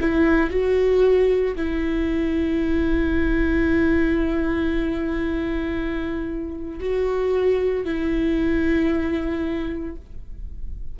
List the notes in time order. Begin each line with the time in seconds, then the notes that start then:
0.00 E4
0.50 F#4
1.56 E4
6.79 F#4
7.85 E4